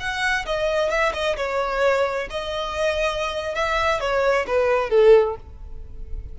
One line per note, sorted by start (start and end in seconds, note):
0.00 0.46 F#5
0.46 0.90 D#5
0.90 1.13 E5
1.14 1.37 D#5
1.37 2.28 C#5
2.30 3.55 D#5
3.55 4.00 E5
4.00 4.46 C#5
4.47 4.90 B4
4.90 5.36 A4